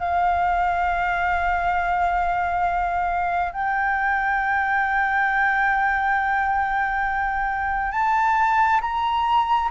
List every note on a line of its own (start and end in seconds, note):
0.00 3.53 F5
3.53 7.92 G5
7.92 8.80 A5
8.82 9.70 A#5